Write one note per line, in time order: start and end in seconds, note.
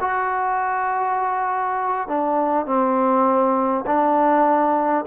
0.00 2.07 F#4
2.07 2.66 D4
2.66 3.85 C4
3.86 5.05 D4